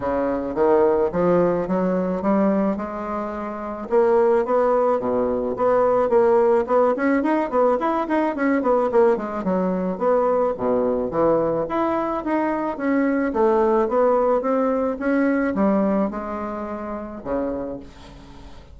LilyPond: \new Staff \with { instrumentName = "bassoon" } { \time 4/4 \tempo 4 = 108 cis4 dis4 f4 fis4 | g4 gis2 ais4 | b4 b,4 b4 ais4 | b8 cis'8 dis'8 b8 e'8 dis'8 cis'8 b8 |
ais8 gis8 fis4 b4 b,4 | e4 e'4 dis'4 cis'4 | a4 b4 c'4 cis'4 | g4 gis2 cis4 | }